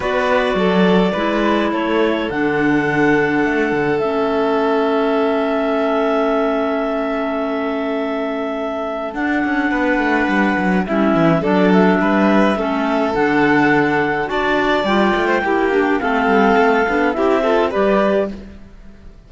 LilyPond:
<<
  \new Staff \with { instrumentName = "clarinet" } { \time 4/4 \tempo 4 = 105 d''2. cis''4 | fis''2. e''4~ | e''1~ | e''1 |
fis''2. e''4 | d''8 e''2~ e''8 fis''4~ | fis''4 a''4 g''2 | f''2 e''4 d''4 | }
  \new Staff \with { instrumentName = "violin" } { \time 4/4 b'4 a'4 b'4 a'4~ | a'1~ | a'1~ | a'1~ |
a'4 b'2 e'4 | a'4 b'4 a'2~ | a'4 d''4.~ d''16 c''16 g'4 | a'2 g'8 a'8 b'4 | }
  \new Staff \with { instrumentName = "clarinet" } { \time 4/4 fis'2 e'2 | d'2. cis'4~ | cis'1~ | cis'1 |
d'2. cis'4 | d'2 cis'4 d'4~ | d'4 fis'4 f'4 e'8 d'8 | c'4. d'8 e'8 f'8 g'4 | }
  \new Staff \with { instrumentName = "cello" } { \time 4/4 b4 fis4 gis4 a4 | d2 a8 d8 a4~ | a1~ | a1 |
d'8 cis'8 b8 a8 g8 fis8 g8 e8 | fis4 g4 a4 d4~ | d4 d'4 g8 a8 ais4 | a8 g8 a8 b8 c'4 g4 | }
>>